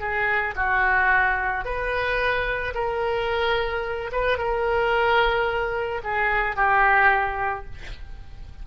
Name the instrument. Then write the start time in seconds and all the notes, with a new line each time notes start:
oboe
0.00 G#4
0.56 F#4
1.65 B4
2.75 A#4
4.13 B4
4.38 A#4
6.04 G#4
6.57 G4